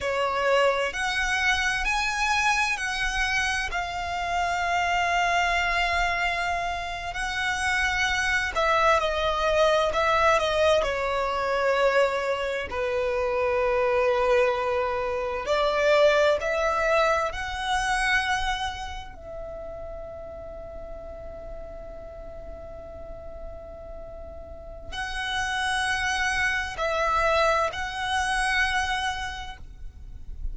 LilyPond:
\new Staff \with { instrumentName = "violin" } { \time 4/4 \tempo 4 = 65 cis''4 fis''4 gis''4 fis''4 | f''2.~ f''8. fis''16~ | fis''4~ fis''16 e''8 dis''4 e''8 dis''8 cis''16~ | cis''4.~ cis''16 b'2~ b'16~ |
b'8. d''4 e''4 fis''4~ fis''16~ | fis''8. e''2.~ e''16~ | e''2. fis''4~ | fis''4 e''4 fis''2 | }